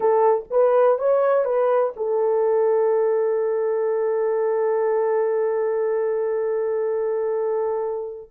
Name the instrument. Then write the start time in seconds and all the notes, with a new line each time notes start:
horn
0.00 A4
0.50 B4
0.98 C#5
1.44 B4
1.96 A4